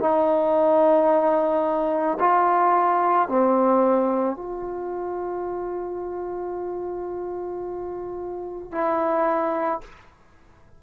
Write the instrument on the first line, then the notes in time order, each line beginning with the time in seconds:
trombone
0.00 D#4
2.20 F4
3.29 C4
4.36 F4
8.72 E4